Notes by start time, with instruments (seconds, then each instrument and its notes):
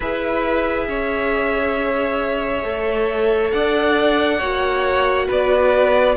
0.00 cello E4, viola G#4, violin B4 E5
0.87 cello C#4, violin C#5
2.63 cello A3, viola A4
3.51 cello D4, violin D5 F#5
4.38 cello A#3, viola F#4, violin C#5
5.27 cello B3, violin B4 D5